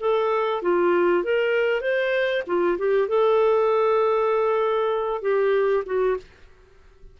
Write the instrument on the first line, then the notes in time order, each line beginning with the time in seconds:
clarinet
0.00 A4
0.62 F4
1.24 A#4
1.81 C5
2.47 F4
2.78 G4
3.08 A4
5.22 G4
5.86 F#4